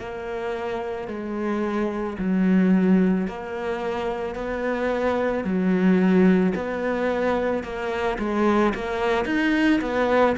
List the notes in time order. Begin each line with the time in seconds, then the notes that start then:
0.00 A#3
1.08 G#3
2.19 F#3
3.28 A#3
4.35 B3
5.45 F#3
6.56 B3
7.64 A#3
8.19 G#3
8.75 A#3
9.26 D#4
9.82 B3